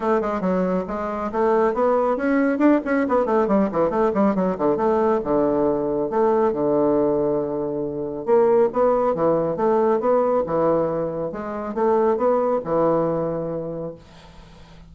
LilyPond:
\new Staff \with { instrumentName = "bassoon" } { \time 4/4 \tempo 4 = 138 a8 gis8 fis4 gis4 a4 | b4 cis'4 d'8 cis'8 b8 a8 | g8 e8 a8 g8 fis8 d8 a4 | d2 a4 d4~ |
d2. ais4 | b4 e4 a4 b4 | e2 gis4 a4 | b4 e2. | }